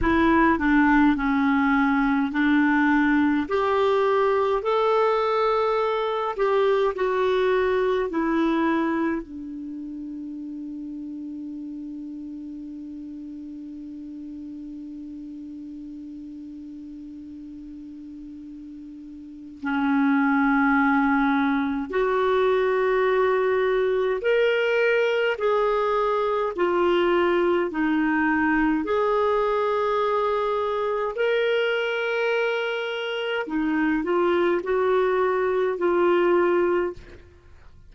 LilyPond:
\new Staff \with { instrumentName = "clarinet" } { \time 4/4 \tempo 4 = 52 e'8 d'8 cis'4 d'4 g'4 | a'4. g'8 fis'4 e'4 | d'1~ | d'1~ |
d'4 cis'2 fis'4~ | fis'4 ais'4 gis'4 f'4 | dis'4 gis'2 ais'4~ | ais'4 dis'8 f'8 fis'4 f'4 | }